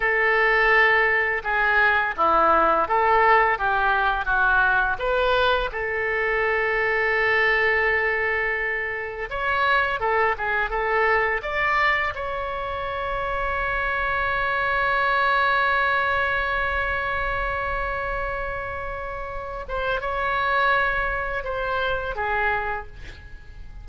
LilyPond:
\new Staff \with { instrumentName = "oboe" } { \time 4/4 \tempo 4 = 84 a'2 gis'4 e'4 | a'4 g'4 fis'4 b'4 | a'1~ | a'4 cis''4 a'8 gis'8 a'4 |
d''4 cis''2.~ | cis''1~ | cis''2.~ cis''8 c''8 | cis''2 c''4 gis'4 | }